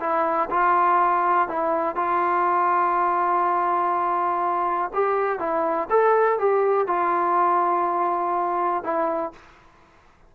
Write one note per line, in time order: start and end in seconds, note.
0.00 0.49 E4
0.50 1.48 F4
1.48 1.96 E4
1.96 4.91 F4
4.94 5.39 G4
5.39 5.88 E4
5.90 6.39 A4
6.39 6.87 G4
6.87 8.83 F4
8.83 9.32 E4